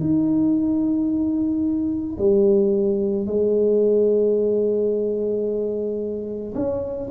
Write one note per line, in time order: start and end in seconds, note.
0.00 2.18 D#4
2.18 3.26 G3
3.26 6.53 G#3
6.55 7.09 C#4